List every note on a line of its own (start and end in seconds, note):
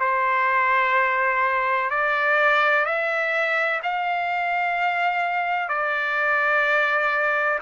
0.00 1.90 C5
1.90 2.86 D5
2.86 3.81 E5
3.83 5.69 F5
5.69 7.59 D5